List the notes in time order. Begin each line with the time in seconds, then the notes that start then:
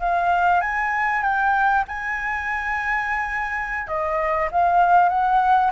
0.00 F5
0.61 G#5
1.23 G5
1.88 G#5
3.87 D#5
4.52 F5
5.09 F#5